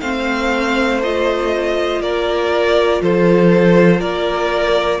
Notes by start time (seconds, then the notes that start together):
0.00 A3 C4 C5 F5
1.02 F4 D#5
2.00 A#3 A#4 D5
3.01 F3 A4 C5
3.99 A#3 A#4 D5